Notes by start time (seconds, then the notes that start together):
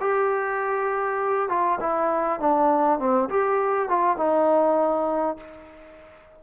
0.00 G4
1.49 F4
1.80 E4
2.39 D4
2.99 C4
3.29 G4
3.89 F4
4.17 D#4